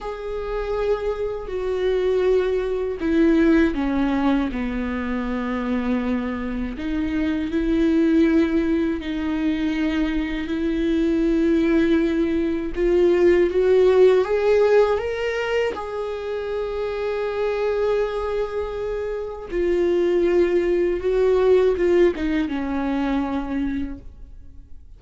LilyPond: \new Staff \with { instrumentName = "viola" } { \time 4/4 \tempo 4 = 80 gis'2 fis'2 | e'4 cis'4 b2~ | b4 dis'4 e'2 | dis'2 e'2~ |
e'4 f'4 fis'4 gis'4 | ais'4 gis'2.~ | gis'2 f'2 | fis'4 f'8 dis'8 cis'2 | }